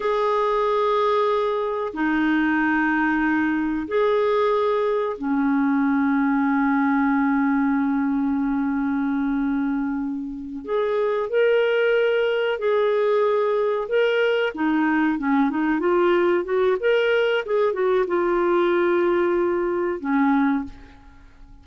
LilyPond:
\new Staff \with { instrumentName = "clarinet" } { \time 4/4 \tempo 4 = 93 gis'2. dis'4~ | dis'2 gis'2 | cis'1~ | cis'1~ |
cis'8 gis'4 ais'2 gis'8~ | gis'4. ais'4 dis'4 cis'8 | dis'8 f'4 fis'8 ais'4 gis'8 fis'8 | f'2. cis'4 | }